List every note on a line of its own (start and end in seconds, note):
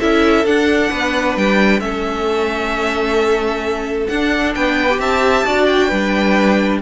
0.00 0.45 C#4
0.00 0.46 E4
0.00 0.91 A4
0.00 0.46 E5
0.45 0.90 D4
0.45 1.80 D4
0.45 1.37 F#5
0.91 1.37 B3
0.91 1.81 B4
1.37 1.80 G3
1.37 1.80 G5
1.80 4.07 A3
1.80 4.08 C#4
1.80 4.55 A4
1.80 4.07 E5
4.08 4.55 D4
4.08 4.89 D4
4.08 4.53 F#5
4.55 4.99 B3
4.55 5.00 B4
4.55 5.00 G5
4.89 5.46 G4
4.99 5.45 C4
4.99 5.46 E5
4.99 5.66 A5
5.46 5.91 D4
5.46 5.91 F#4
5.46 5.88 D5
5.66 6.80 G5
5.88 6.82 G3
5.88 6.82 D4
5.88 6.79 B4